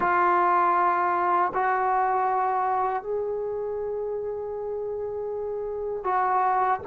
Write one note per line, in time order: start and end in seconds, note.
0.00 1.52 F4
1.54 3.02 F#4
3.02 6.03 G#4
6.03 6.79 F#4